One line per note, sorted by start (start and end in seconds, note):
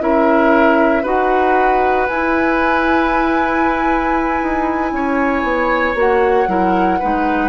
0.00 1.04 C#4
0.00 1.03 E4
0.00 1.03 A#4
0.00 1.05 E5
1.03 2.08 D#4
1.03 2.07 F#4
1.03 4.91 B4
1.03 2.07 F#5
2.07 4.42 E4
2.07 5.96 E4
2.07 5.95 G#5
4.42 4.92 D#4
4.92 5.43 C#4
4.92 6.49 C#5
5.43 5.95 B3
5.95 6.47 A#3
5.95 6.47 F#4
5.95 7.49 F#5
6.47 6.99 F#3
6.47 7.00 E4
6.47 6.99 A#4
6.99 7.49 G#3
6.99 7.49 D#4
6.99 7.49 B4